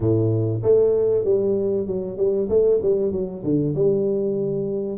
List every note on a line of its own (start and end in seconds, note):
0.00 0.62 A2
0.62 1.24 A3
1.24 1.86 G3
1.86 2.17 F#3
2.17 2.48 G3
2.49 2.80 A3
2.82 3.11 G3
3.11 3.43 F#3
3.43 3.74 D3
3.75 4.97 G3